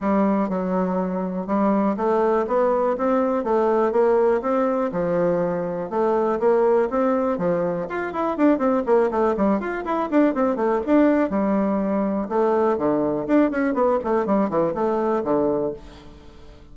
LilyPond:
\new Staff \with { instrumentName = "bassoon" } { \time 4/4 \tempo 4 = 122 g4 fis2 g4 | a4 b4 c'4 a4 | ais4 c'4 f2 | a4 ais4 c'4 f4 |
f'8 e'8 d'8 c'8 ais8 a8 g8 f'8 | e'8 d'8 c'8 a8 d'4 g4~ | g4 a4 d4 d'8 cis'8 | b8 a8 g8 e8 a4 d4 | }